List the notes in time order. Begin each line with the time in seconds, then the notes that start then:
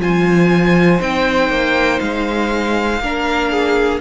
0.00 F3 F4 C5 G#5
0.99 C4 D#4 G5
1.50 A#3
2.00 G#3 F5
3.00 A#3 D4 A#4
3.51 G#4